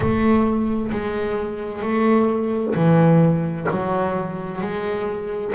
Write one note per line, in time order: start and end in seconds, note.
0.00 0.91 A3
0.91 1.82 G#3
1.82 2.74 A3
2.74 3.67 E3
3.70 4.61 F#3
4.61 5.53 G#3